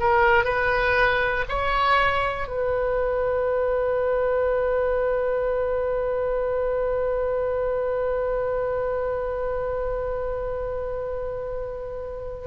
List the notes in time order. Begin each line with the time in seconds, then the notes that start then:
0.00 A#4
0.45 B4
1.50 C#5
2.48 B4